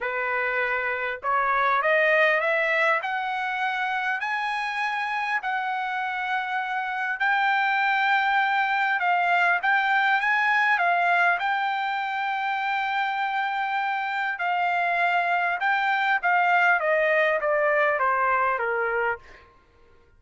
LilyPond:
\new Staff \with { instrumentName = "trumpet" } { \time 4/4 \tempo 4 = 100 b'2 cis''4 dis''4 | e''4 fis''2 gis''4~ | gis''4 fis''2. | g''2. f''4 |
g''4 gis''4 f''4 g''4~ | g''1 | f''2 g''4 f''4 | dis''4 d''4 c''4 ais'4 | }